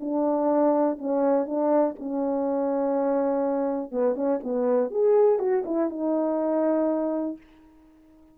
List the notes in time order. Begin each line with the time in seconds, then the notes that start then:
0.00 D4
0.98 C#4
1.46 D4
1.99 C#4
3.91 B3
4.15 C#4
4.43 B3
4.91 G#4
5.39 F#4
5.65 E4
5.89 D#4